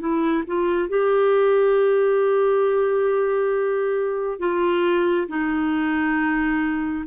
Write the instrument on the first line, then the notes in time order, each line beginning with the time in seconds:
clarinet
0.00 E4
0.47 F4
0.89 G4
4.40 F4
5.29 D#4